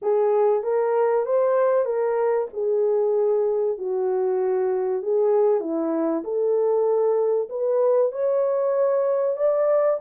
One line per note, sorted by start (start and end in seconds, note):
0.02 0.62 G#4
0.62 1.25 A#4
1.25 1.85 C5
1.85 2.47 A#4
2.53 3.78 G#4
3.78 5.02 F#4
5.02 5.60 G#4
5.60 6.23 E4
6.23 7.48 A4
7.49 8.11 B4
8.12 9.37 C#5
9.37 9.99 D5